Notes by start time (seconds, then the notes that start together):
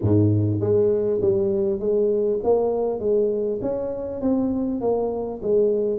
0.01 G#2
0.60 G#3
1.21 G3
1.79 G#3
2.43 A#3
2.99 G#3
3.61 C#4
4.21 C4
4.80 A#3
5.42 G#3